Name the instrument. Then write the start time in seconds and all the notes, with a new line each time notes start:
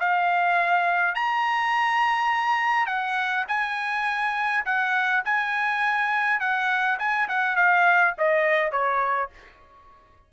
trumpet
0.00 F5
1.15 A#5
2.87 F#5
3.48 G#5
4.65 F#5
5.25 G#5
6.40 F#5
6.99 G#5
7.29 F#5
7.56 F5
8.18 D#5
8.72 C#5